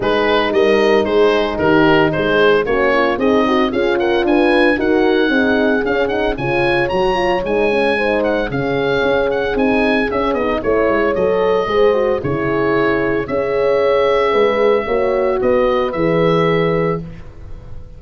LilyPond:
<<
  \new Staff \with { instrumentName = "oboe" } { \time 4/4 \tempo 4 = 113 b'4 dis''4 c''4 ais'4 | c''4 cis''4 dis''4 f''8 fis''8 | gis''4 fis''2 f''8 fis''8 | gis''4 ais''4 gis''4. fis''8 |
f''4. fis''8 gis''4 e''8 dis''8 | cis''4 dis''2 cis''4~ | cis''4 e''2.~ | e''4 dis''4 e''2 | }
  \new Staff \with { instrumentName = "horn" } { \time 4/4 gis'4 ais'4 gis'4 g'4 | gis'4 fis'8 f'8 dis'4 gis'8 ais'8 | b'4 ais'4 gis'2 | cis''2. c''4 |
gis'1 | cis''2 c''4 gis'4~ | gis'4 cis''2 b'4 | cis''4 b'2. | }
  \new Staff \with { instrumentName = "horn" } { \time 4/4 dis'1~ | dis'4 cis'4 gis'8 fis'8 f'4~ | f'4 fis'4 dis'4 cis'8 dis'8 | f'4 fis'8 f'8 dis'8 cis'8 dis'4 |
cis'2 dis'4 cis'8 dis'8 | e'4 a'4 gis'8 fis'8 e'4~ | e'4 gis'2. | fis'2 gis'2 | }
  \new Staff \with { instrumentName = "tuba" } { \time 4/4 gis4 g4 gis4 dis4 | gis4 ais4 c'4 cis'4 | d'4 dis'4 c'4 cis'4 | cis4 fis4 gis2 |
cis4 cis'4 c'4 cis'8 b8 | a8 gis8 fis4 gis4 cis4~ | cis4 cis'2 gis4 | ais4 b4 e2 | }
>>